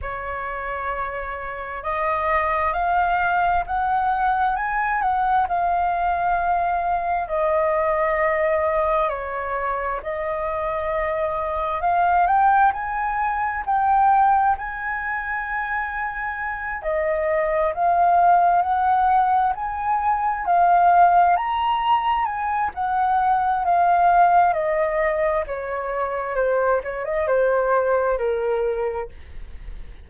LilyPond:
\new Staff \with { instrumentName = "flute" } { \time 4/4 \tempo 4 = 66 cis''2 dis''4 f''4 | fis''4 gis''8 fis''8 f''2 | dis''2 cis''4 dis''4~ | dis''4 f''8 g''8 gis''4 g''4 |
gis''2~ gis''8 dis''4 f''8~ | f''8 fis''4 gis''4 f''4 ais''8~ | ais''8 gis''8 fis''4 f''4 dis''4 | cis''4 c''8 cis''16 dis''16 c''4 ais'4 | }